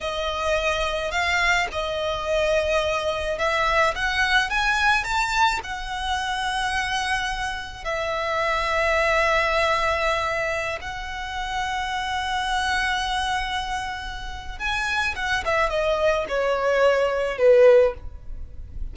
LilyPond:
\new Staff \with { instrumentName = "violin" } { \time 4/4 \tempo 4 = 107 dis''2 f''4 dis''4~ | dis''2 e''4 fis''4 | gis''4 a''4 fis''2~ | fis''2 e''2~ |
e''2.~ e''16 fis''8.~ | fis''1~ | fis''2 gis''4 fis''8 e''8 | dis''4 cis''2 b'4 | }